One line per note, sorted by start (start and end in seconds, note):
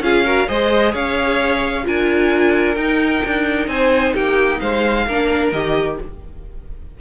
0.00 0.46 C#4
0.00 0.25 F4
0.00 0.25 G#4
0.00 0.49 F5
0.25 0.48 F#4
0.25 0.48 A#4
0.48 0.95 G#3
0.48 1.84 G#4
0.48 0.92 C5
0.48 0.94 D#5
0.92 1.86 C#4
0.92 1.84 C#5
0.92 1.86 F5
1.84 2.77 D4
1.84 2.76 F4
1.84 3.70 A#4
1.84 2.75 G#5
2.75 5.05 D#4
2.75 3.23 D#4
2.75 3.67 G5
3.25 3.68 D4
3.68 4.13 C4
3.68 4.14 C5
3.68 4.14 G#5
4.14 4.60 A#3
4.14 4.60 G4
4.14 4.60 G5
4.60 5.07 G#3
4.60 5.06 C5
4.60 5.52 F5
5.07 5.52 A#3
5.07 5.55 D4
5.07 5.99 A#4
5.52 5.98 D#3
5.52 6.01 G4
5.52 5.98 D#5